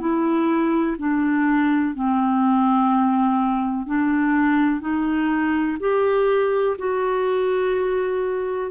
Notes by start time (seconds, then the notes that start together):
0.00 E4
0.98 D4
1.95 C4
3.86 D4
4.80 D#4
5.80 G4
6.78 F#4